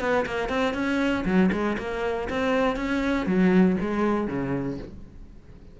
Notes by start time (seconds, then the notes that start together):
0.00 B3
0.26 A#3
0.49 C4
0.74 C#4
1.25 F#3
1.51 G#3
1.78 A#3
2.29 C4
2.76 C#4
3.26 F#3
3.80 G#3
4.27 C#3